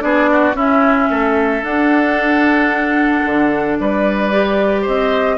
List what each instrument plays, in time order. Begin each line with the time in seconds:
0.00 bassoon B3, clarinet D4, oboe G#4, flute D5
0.32 oboe F#4
0.53 bassoon C#4, clarinet C#4, oboe E4
0.60 flute E5
1.10 bassoon A3, oboe A4
1.63 bassoon D4, clarinet D4, flute F#5
3.25 bassoon D3
3.79 bassoon G3, oboe B4, flute D5
4.32 clarinet G4
4.82 bassoon C4, oboe C5, flute D#5